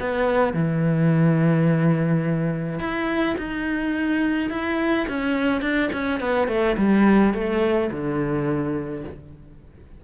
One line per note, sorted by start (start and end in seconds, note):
0.00 0.54 B3
0.54 2.80 E3
2.80 3.36 E4
3.38 4.51 D#4
4.51 5.07 E4
5.09 5.62 C#4
5.62 5.90 D4
5.93 6.21 C#4
6.21 6.48 B3
6.48 6.76 A3
6.78 7.34 G3
7.34 7.91 A3
7.91 9.05 D3